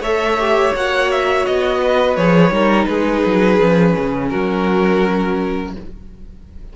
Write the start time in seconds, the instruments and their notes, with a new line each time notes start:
0.00 cello A3, viola A4, violin C#5 E5
0.40 viola G4
0.75 cello A#3, viola F#4, violin F#5
1.11 violin E5
1.46 cello B3, violin D#5
1.82 violin B4
2.17 cello F3, viola G#4, violin C#5
2.51 cello G3, viola D#4, violin A#4
2.85 cello G#3, violin G#4 B4
3.26 cello F#3
3.60 cello F3, viola C#4
3.99 cello C#3
4.30 cello F#3, violin F#4 A#4